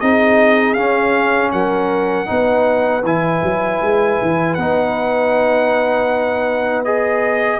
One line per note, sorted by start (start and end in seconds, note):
0.00 0.77 C4
0.00 0.76 D#4
0.00 1.52 G#4
0.00 0.74 D#5
0.74 2.26 C#4
0.74 1.52 C#4
0.74 1.50 F5
1.52 2.28 F#3
1.52 2.28 A#4
1.52 3.03 F#5
2.26 3.03 B3
2.26 3.02 D#4
2.26 7.60 B4
3.03 3.41 E3
3.03 4.58 E4
3.03 4.54 G#5
3.43 3.81 F#3
3.82 4.20 G#3
4.21 4.57 E3
4.54 7.60 B3
4.54 6.85 D#4
4.54 6.82 F#5
6.84 7.60 G#4
6.84 7.60 D#5